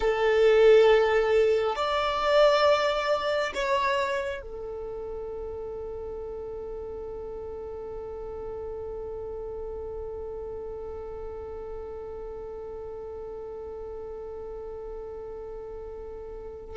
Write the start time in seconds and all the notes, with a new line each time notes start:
0.00 A4
1.75 D5
3.54 C#5
4.41 A4